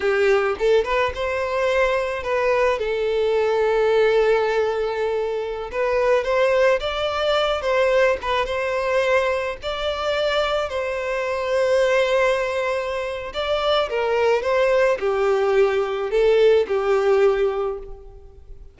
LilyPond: \new Staff \with { instrumentName = "violin" } { \time 4/4 \tempo 4 = 108 g'4 a'8 b'8 c''2 | b'4 a'2.~ | a'2~ a'16 b'4 c''8.~ | c''16 d''4. c''4 b'8 c''8.~ |
c''4~ c''16 d''2 c''8.~ | c''1 | d''4 ais'4 c''4 g'4~ | g'4 a'4 g'2 | }